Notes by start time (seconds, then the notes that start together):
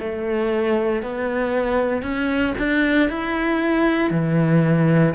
0.00 A3
1.03 B3
2.02 C#4
2.59 D4
3.09 E4
4.11 E3